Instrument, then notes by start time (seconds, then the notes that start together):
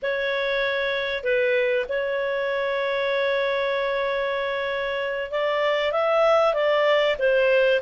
clarinet
0.02 C#5
1.23 B4
1.89 C#5
5.31 D5
5.92 E5
6.53 D5
7.18 C5